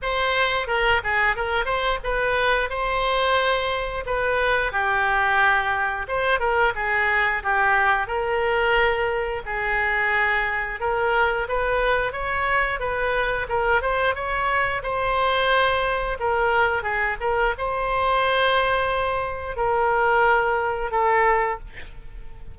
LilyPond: \new Staff \with { instrumentName = "oboe" } { \time 4/4 \tempo 4 = 89 c''4 ais'8 gis'8 ais'8 c''8 b'4 | c''2 b'4 g'4~ | g'4 c''8 ais'8 gis'4 g'4 | ais'2 gis'2 |
ais'4 b'4 cis''4 b'4 | ais'8 c''8 cis''4 c''2 | ais'4 gis'8 ais'8 c''2~ | c''4 ais'2 a'4 | }